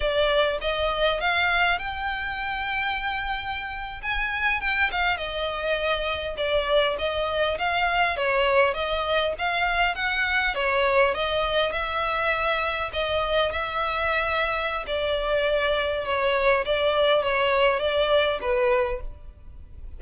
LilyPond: \new Staff \with { instrumentName = "violin" } { \time 4/4 \tempo 4 = 101 d''4 dis''4 f''4 g''4~ | g''2~ g''8. gis''4 g''16~ | g''16 f''8 dis''2 d''4 dis''16~ | dis''8. f''4 cis''4 dis''4 f''16~ |
f''8. fis''4 cis''4 dis''4 e''16~ | e''4.~ e''16 dis''4 e''4~ e''16~ | e''4 d''2 cis''4 | d''4 cis''4 d''4 b'4 | }